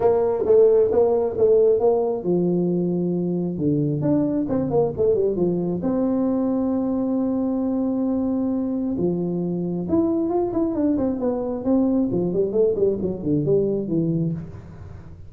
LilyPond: \new Staff \with { instrumentName = "tuba" } { \time 4/4 \tempo 4 = 134 ais4 a4 ais4 a4 | ais4 f2. | d4 d'4 c'8 ais8 a8 g8 | f4 c'2.~ |
c'1 | f2 e'4 f'8 e'8 | d'8 c'8 b4 c'4 f8 g8 | a8 g8 fis8 d8 g4 e4 | }